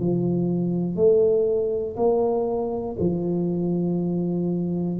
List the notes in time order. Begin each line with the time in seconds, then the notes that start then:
0.00 F3
0.96 A3
1.97 A#3
3.00 F3